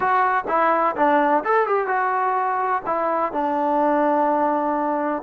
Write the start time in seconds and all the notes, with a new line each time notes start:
0.00 F#4
0.47 E4
0.96 D4
1.44 A4
1.66 G4
1.87 F#4
2.85 E4
3.32 D4